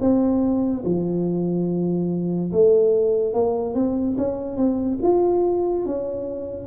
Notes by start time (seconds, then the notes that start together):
0.00 C4
0.85 F3
2.52 A3
3.33 A#3
3.74 C4
4.17 C#4
4.56 C4
5.02 F4
5.85 C#4